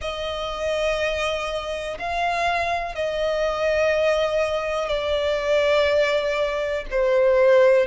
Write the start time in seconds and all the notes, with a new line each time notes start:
0.01 D#5
1.99 F5
2.95 D#5
4.88 D5
6.91 C5